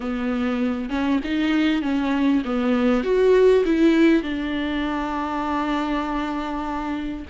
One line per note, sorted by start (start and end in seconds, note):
0.00 0.89 B3
0.89 1.20 C#4
1.24 1.82 D#4
1.82 2.42 C#4
2.44 3.03 B3
3.03 3.64 F#4
3.65 4.22 E4
4.22 7.25 D4